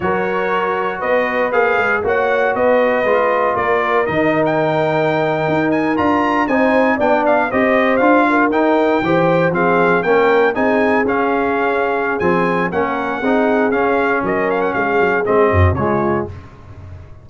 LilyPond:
<<
  \new Staff \with { instrumentName = "trumpet" } { \time 4/4 \tempo 4 = 118 cis''2 dis''4 f''4 | fis''4 dis''2 d''4 | dis''8. g''2~ g''8 gis''8 ais''16~ | ais''8. gis''4 g''8 f''8 dis''4 f''16~ |
f''8. g''2 f''4 g''16~ | g''8. gis''4 f''2~ f''16 | gis''4 fis''2 f''4 | dis''8 f''16 fis''16 f''4 dis''4 cis''4 | }
  \new Staff \with { instrumentName = "horn" } { \time 4/4 ais'2 b'2 | cis''4 b'2 ais'4~ | ais'1~ | ais'8. c''4 d''4 c''4~ c''16~ |
c''16 ais'4. c''4 gis'4 ais'16~ | ais'8. gis'2.~ gis'16~ | gis'4 ais'4 gis'2 | ais'4 gis'4. fis'8 f'4 | }
  \new Staff \with { instrumentName = "trombone" } { \time 4/4 fis'2. gis'4 | fis'2 f'2 | dis'2.~ dis'8. f'16~ | f'8. dis'4 d'4 g'4 f'16~ |
f'8. dis'4 g'4 c'4 cis'16~ | cis'8. dis'4 cis'2~ cis'16 | c'4 cis'4 dis'4 cis'4~ | cis'2 c'4 gis4 | }
  \new Staff \with { instrumentName = "tuba" } { \time 4/4 fis2 b4 ais8 gis8 | ais4 b4 gis4 ais4 | dis2~ dis8. dis'4 d'16~ | d'8. c'4 b4 c'4 d'16~ |
d'8. dis'4 e4 f4 ais16~ | ais8. c'4 cis'2~ cis'16 | f4 ais4 c'4 cis'4 | fis4 gis8 fis8 gis8 fis,8 cis4 | }
>>